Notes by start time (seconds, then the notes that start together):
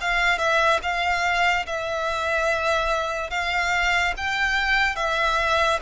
0.00 F5
0.38 E5
0.82 F5
1.66 E5
3.30 F5
4.17 G5
4.95 E5